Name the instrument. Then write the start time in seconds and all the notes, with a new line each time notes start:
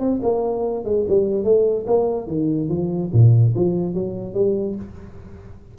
tuba
0.00 C4
0.23 A#3
0.85 G#3
1.09 G3
1.44 A3
1.87 A#3
2.28 D#3
2.69 F3
3.13 A#2
3.56 F3
3.94 F#3
4.34 G3